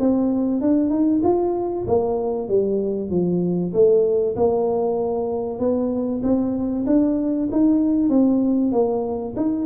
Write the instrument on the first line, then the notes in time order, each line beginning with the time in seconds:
tuba
0.00 C4
0.62 D4
0.90 D#4
1.24 F4
1.88 A#3
2.49 G3
3.11 F3
3.74 A3
4.36 A#3
5.59 B3
6.23 C4
6.87 D4
7.52 D#4
8.10 C4
8.72 A#3
9.37 D#4